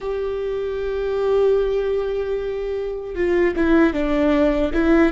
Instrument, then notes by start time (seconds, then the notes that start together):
viola
0.00 G4
3.15 F4
3.56 E4
3.93 D4
4.73 E4